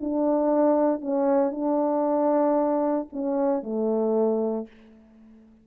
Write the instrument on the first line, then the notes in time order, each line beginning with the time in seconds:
horn
0.00 D4
1.00 C#4
1.51 D4
3.12 C#4
3.62 A3